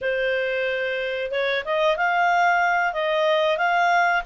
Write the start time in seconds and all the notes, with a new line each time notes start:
0.01 C5
1.31 C#5
1.65 D#5
1.97 F5
2.93 D#5
3.57 F5